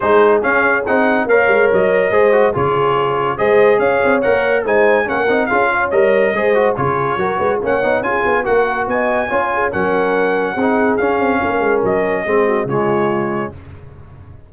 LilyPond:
<<
  \new Staff \with { instrumentName = "trumpet" } { \time 4/4 \tempo 4 = 142 c''4 f''4 fis''4 f''4 | dis''2 cis''2 | dis''4 f''4 fis''4 gis''4 | fis''4 f''4 dis''2 |
cis''2 fis''4 gis''4 | fis''4 gis''2 fis''4~ | fis''2 f''2 | dis''2 cis''2 | }
  \new Staff \with { instrumentName = "horn" } { \time 4/4 gis'2. cis''4~ | cis''4 c''4 gis'2 | c''4 cis''2 c''4 | ais'4 gis'8 cis''4. c''4 |
gis'4 ais'8 b'8 cis''4 gis'4 | ais'4 dis''4 cis''8 gis'8 ais'4~ | ais'4 gis'2 ais'4~ | ais'4 gis'8 fis'8 f'2 | }
  \new Staff \with { instrumentName = "trombone" } { \time 4/4 dis'4 cis'4 dis'4 ais'4~ | ais'4 gis'8 fis'8 f'2 | gis'2 ais'4 dis'4 | cis'8 dis'8 f'4 ais'4 gis'8 fis'8 |
f'4 fis'4 cis'8 dis'8 f'4 | fis'2 f'4 cis'4~ | cis'4 dis'4 cis'2~ | cis'4 c'4 gis2 | }
  \new Staff \with { instrumentName = "tuba" } { \time 4/4 gis4 cis'4 c'4 ais8 gis8 | fis4 gis4 cis2 | gis4 cis'8 c'8 ais4 gis4 | ais8 c'8 cis'4 g4 gis4 |
cis4 fis8 gis8 ais8 b8 cis'8 b8 | ais4 b4 cis'4 fis4~ | fis4 c'4 cis'8 c'8 ais8 gis8 | fis4 gis4 cis2 | }
>>